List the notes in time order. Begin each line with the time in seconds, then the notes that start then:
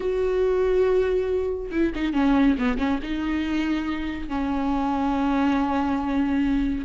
0.00 F#4
1.71 E4
1.95 D#4
2.13 C#4
2.58 B3
2.78 C#4
3.02 D#4
4.28 C#4